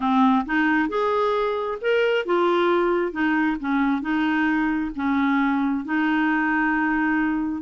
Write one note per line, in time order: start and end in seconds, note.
0.00 0.45 C4
0.45 0.88 D#4
0.88 1.78 G#4
1.81 2.25 A#4
2.25 3.12 F4
3.12 3.57 D#4
3.60 4.01 C#4
4.01 4.91 D#4
4.95 5.84 C#4
5.84 7.62 D#4